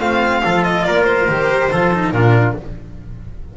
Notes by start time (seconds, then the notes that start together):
0.00 A3 C4 F4 F5
0.43 F3 F4 A4
0.64 D#5
0.85 A#3 A#4 D5
1.04 C5
1.28 D#3 G4
1.72 F3 F4 A4
1.94 D#4
2.12 A#2 D4 F4 A#4